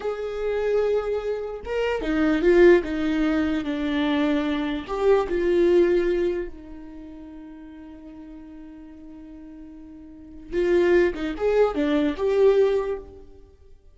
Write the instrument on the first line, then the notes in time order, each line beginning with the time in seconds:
viola
0.00 G#4
1.65 A#4
2.01 D#4
2.41 F4
2.83 D#4
3.64 D4
4.87 G4
5.29 F4
6.48 D#4
10.53 F4
11.14 D#4
11.37 G#4
11.74 D4
12.17 G4